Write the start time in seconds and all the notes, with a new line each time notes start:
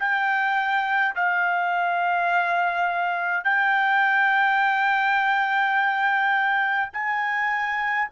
0.00 G5
1.15 F5
3.45 G5
6.93 G#5